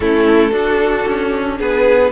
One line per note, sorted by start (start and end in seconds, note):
0.00 0.51 A3
0.00 0.52 C#4
0.00 0.51 E4
0.00 1.57 A4
0.51 1.04 D4
0.51 2.11 D4
0.51 1.57 F#4
1.07 1.59 C#4
1.58 2.11 B3
1.58 2.11 G#4
1.58 2.11 B4